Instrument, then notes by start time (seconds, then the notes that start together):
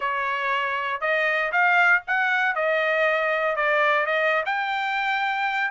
trumpet
0.00 C#5
1.00 D#5
1.52 F5
2.07 F#5
2.55 D#5
3.55 D5
4.05 D#5
4.45 G5